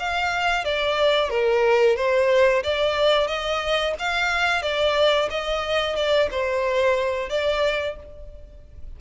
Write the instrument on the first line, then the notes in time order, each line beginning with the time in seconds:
violin
0.00 F5
0.65 D5
1.30 A#4
1.97 C5
2.64 D5
3.28 D#5
3.99 F5
4.63 D5
5.31 D#5
5.96 D5
6.32 C5
7.30 D5